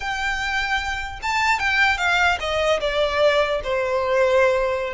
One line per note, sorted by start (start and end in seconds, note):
0.00 1.19 G5
1.22 1.59 A5
1.59 1.97 G5
1.97 2.38 F5
2.39 2.80 D#5
2.80 3.60 D5
3.63 4.93 C5